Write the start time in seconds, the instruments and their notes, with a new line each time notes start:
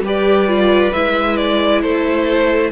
0.00 cello G3, viola G4, violin B4
0.07 violin D5
0.47 viola F4
0.93 cello G#3, viola E4, violin E5
1.36 violin D5
1.81 cello A3, violin A4 C5